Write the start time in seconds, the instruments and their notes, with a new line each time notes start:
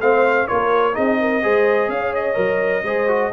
0.00 tuba A3, trombone C4, horn C5, trumpet F5
0.48 tuba A#3, trombone F4, horn A#4, trumpet C#5
0.93 tuba C4, trombone D#4, horn G#4, trumpet D#5
1.20 horn A#4
1.43 tuba G#3, trombone G#4, horn C5
1.88 tuba C#4, horn C#5, trumpet F5
2.15 trumpet D#5
2.35 tuba F#3, trombone A#4
2.84 tuba G#3, trombone G#4, horn C5
3.08 trombone F#4